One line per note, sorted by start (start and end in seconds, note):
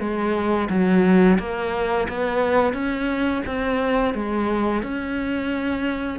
0.00 0.69 G#3
0.69 1.38 F#3
1.39 2.08 A#3
2.09 2.73 B3
2.73 3.42 C#4
3.46 4.14 C4
4.14 4.83 G#3
4.83 6.19 C#4